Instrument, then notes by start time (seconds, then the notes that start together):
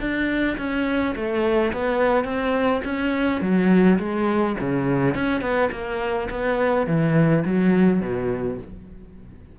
cello
0.00 D4
0.58 C#4
1.16 A3
1.73 B3
2.24 C4
2.84 C#4
3.42 F#3
3.99 G#3
4.60 C#3
5.15 C#4
5.41 B3
5.72 A#3
6.30 B3
6.87 E3
7.45 F#3
8.01 B2